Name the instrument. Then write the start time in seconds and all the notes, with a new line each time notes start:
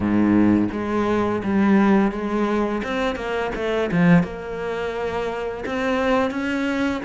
cello
0.00 G#2
0.72 G#3
1.43 G3
2.11 G#3
2.83 C4
3.15 A#3
3.55 A3
3.91 F3
4.23 A#3
5.65 C4
6.30 C#4